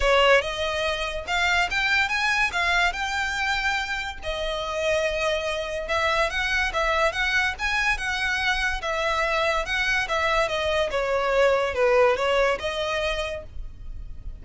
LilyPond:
\new Staff \with { instrumentName = "violin" } { \time 4/4 \tempo 4 = 143 cis''4 dis''2 f''4 | g''4 gis''4 f''4 g''4~ | g''2 dis''2~ | dis''2 e''4 fis''4 |
e''4 fis''4 gis''4 fis''4~ | fis''4 e''2 fis''4 | e''4 dis''4 cis''2 | b'4 cis''4 dis''2 | }